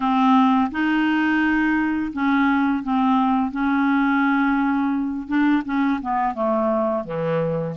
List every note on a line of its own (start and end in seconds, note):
0.00 0.71 C4
0.71 2.12 D#4
2.12 2.83 C#4
2.83 3.51 C4
3.51 5.27 C#4
5.27 5.62 D4
5.65 6.00 C#4
6.01 6.34 B3
6.34 7.04 A3
7.04 7.75 E3